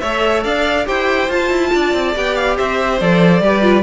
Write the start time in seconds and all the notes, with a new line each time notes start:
0.00 A3 A4 C#5 E5
0.44 D4 D5 F5
0.85 E4 G4 C5 G5
1.30 F4 A5
1.50 E4
1.75 D4 D5
1.94 C4
2.15 B3 G4 G5
2.35 F5
2.57 C4 C5 E5
3.00 F3 A4 D5
3.41 G3 G4 B4
3.62 F4